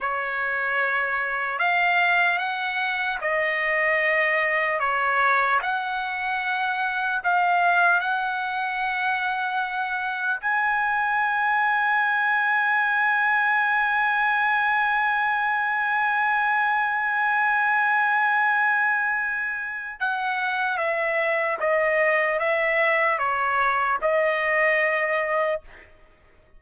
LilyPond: \new Staff \with { instrumentName = "trumpet" } { \time 4/4 \tempo 4 = 75 cis''2 f''4 fis''4 | dis''2 cis''4 fis''4~ | fis''4 f''4 fis''2~ | fis''4 gis''2.~ |
gis''1~ | gis''1~ | gis''4 fis''4 e''4 dis''4 | e''4 cis''4 dis''2 | }